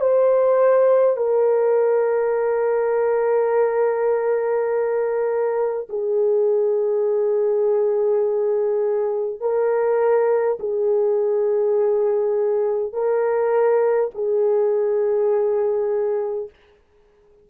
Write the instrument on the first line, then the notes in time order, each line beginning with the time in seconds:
horn
0.00 C5
1.17 A#4
5.89 G#4
9.41 A#4
10.59 G#4
12.93 A#4
14.14 G#4